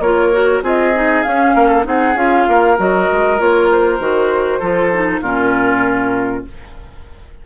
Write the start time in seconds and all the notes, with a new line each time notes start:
0.00 A#3 F4 A#4 C#5
0.33 F#4
0.63 C4 F4 G#4 D#5
0.95 D#4
1.23 C#4 F5
1.55 A#3 A#4
1.69 A4
1.84 C4 D#4 G#4 F#5
2.15 C#4 F4 F5
2.48 A#3 A#4
2.77 F#3 F#4 D#5
3.12 G#3
3.39 A#3 F4 C#5
3.71 C5
4.00 D#3 F#4
4.60 F3 F4 A4
4.93 D#4
5.22 A#2 C#4 F4 A#4